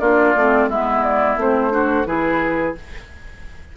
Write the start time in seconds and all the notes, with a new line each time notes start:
0.00 A#3 D4 F4 D5
0.36 A3 C4
0.68 G#3 B3 E4 E5
1.03 D5
1.37 A3 C4 C5
1.71 D4 F#4
2.06 E3 E4 G#4 B4